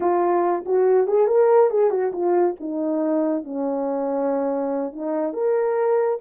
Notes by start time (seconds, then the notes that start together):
0.00 F4
0.65 F#4
1.07 G#4
1.27 A#4
1.70 G#4
1.90 F#4
2.12 F4
2.60 D#4
3.43 C#4
4.92 D#4
5.33 A#4